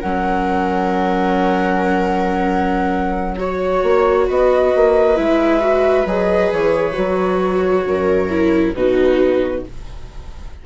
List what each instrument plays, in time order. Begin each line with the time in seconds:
0.00 bassoon F#3, viola C#4 A#4, flute F#5
3.38 viola F#4 C#5, flute C#5
3.83 bassoon A#3
4.28 bassoon B3, viola B4, flute D#5
4.75 bassoon A#3
5.16 bassoon G#3, viola E4, flute E5
5.60 viola F#4
6.06 bassoon F#3, viola G#4, flute D#5
6.52 bassoon E3, flute C#5
6.93 bassoon F#3, viola F#4
7.86 bassoon F#2, viola A#4
8.30 viola E4
8.75 bassoon B2, viola D#4 F#4, flute B4